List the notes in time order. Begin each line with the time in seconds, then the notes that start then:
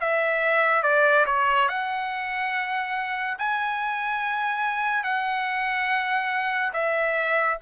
0.00 E5
0.83 D5
1.26 C#5
1.68 F#5
3.38 G#5
5.03 F#5
6.73 E5